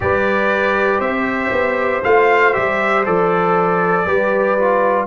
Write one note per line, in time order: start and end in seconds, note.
0.00 0.99 G3
0.00 2.03 G4
0.00 0.99 B4
0.00 1.00 D5
0.99 1.50 C4
0.99 4.04 C5
0.99 2.02 E5
1.51 2.02 B3
2.03 2.56 A3
2.03 2.53 F4
2.03 2.53 F5
2.53 3.07 G3
2.53 3.04 G4
2.53 3.04 E5
3.05 4.05 F3
3.05 4.06 A4
3.05 5.06 D5
4.05 5.06 G3
4.05 4.57 G4
4.05 5.06 B4
4.58 5.06 F4